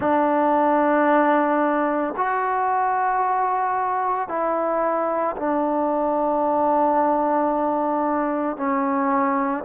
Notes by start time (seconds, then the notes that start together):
0.00 D4
2.16 F#4
4.28 E4
5.36 D4
8.57 C#4